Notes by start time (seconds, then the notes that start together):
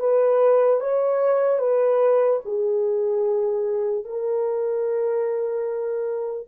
0.00 B4
0.81 C#5
1.59 B4
2.46 G#4
4.05 A#4